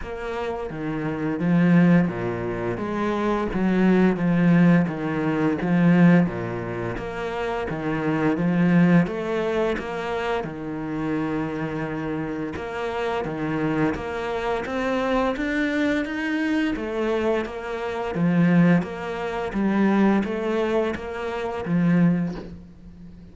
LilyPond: \new Staff \with { instrumentName = "cello" } { \time 4/4 \tempo 4 = 86 ais4 dis4 f4 ais,4 | gis4 fis4 f4 dis4 | f4 ais,4 ais4 dis4 | f4 a4 ais4 dis4~ |
dis2 ais4 dis4 | ais4 c'4 d'4 dis'4 | a4 ais4 f4 ais4 | g4 a4 ais4 f4 | }